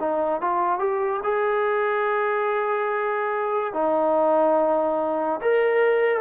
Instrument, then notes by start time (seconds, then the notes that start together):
trombone
0.00 D#4
0.42 F4
0.80 G4
1.24 G#4
3.74 D#4
5.42 A#4